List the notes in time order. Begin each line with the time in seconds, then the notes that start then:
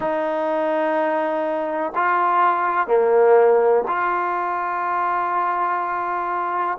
0.00 D#4
1.95 F4
2.87 A#3
3.87 F4